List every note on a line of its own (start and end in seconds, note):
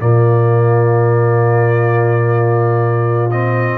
0.00 3.78 A#2
0.00 3.31 A#3
0.00 3.78 F4
0.00 3.31 D5
3.31 3.78 C4
3.31 3.78 D#5